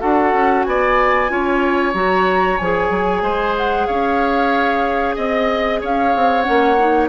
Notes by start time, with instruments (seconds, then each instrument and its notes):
0.00 bassoon D4, clarinet F#4, oboe A4, flute F#5
0.33 bassoon C#4
0.63 bassoon B3, oboe D5, flute G#5
1.28 bassoon C#4, clarinet F4, oboe C#5
1.94 bassoon F#3, clarinet F#4, flute A#5
2.58 bassoon F3, clarinet G#4, flute G#5
2.90 bassoon F#3
3.22 bassoon G#3, oboe C5
3.57 flute F#5
3.86 bassoon C#4, oboe C#5, flute F5
5.15 bassoon C4, oboe D#5, flute D#5
5.81 bassoon C#4, oboe C#5, flute F5
6.15 bassoon C4
6.42 clarinet C#4, flute F#5
6.48 bassoon A#3
6.79 clarinet D#4